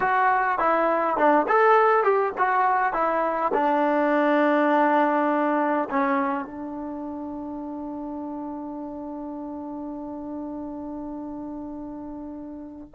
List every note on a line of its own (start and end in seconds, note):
0.00 0.58 F#4
0.58 1.17 E4
1.17 1.46 D4
1.47 2.03 A4
2.03 2.32 G4
2.37 2.93 F#4
2.93 3.51 E4
3.53 5.88 D4
5.90 6.44 C#4
6.44 12.91 D4